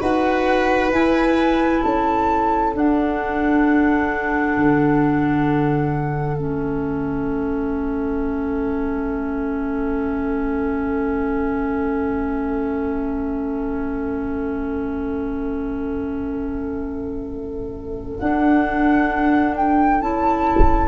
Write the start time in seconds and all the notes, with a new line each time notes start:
0.00 D#4 F#4 B4 F#5
0.91 E4 G#5
1.82 C#4 A4 A5
2.73 D4 F#5
4.56 D3
6.37 A3 C#4 E5
18.18 D4 F#5
19.56 G5
20.01 C#4 E4 A5